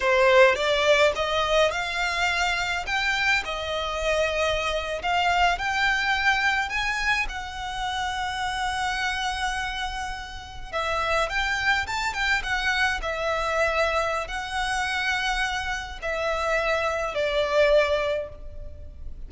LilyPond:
\new Staff \with { instrumentName = "violin" } { \time 4/4 \tempo 4 = 105 c''4 d''4 dis''4 f''4~ | f''4 g''4 dis''2~ | dis''8. f''4 g''2 gis''16~ | gis''8. fis''2.~ fis''16~ |
fis''2~ fis''8. e''4 g''16~ | g''8. a''8 g''8 fis''4 e''4~ e''16~ | e''4 fis''2. | e''2 d''2 | }